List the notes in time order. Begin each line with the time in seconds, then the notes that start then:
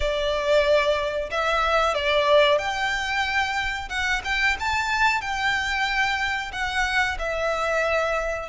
0.00 D5
1.30 E5
1.94 D5
2.58 G5
3.89 F#5
4.24 G5
4.59 A5
5.21 G5
6.52 F#5
7.18 E5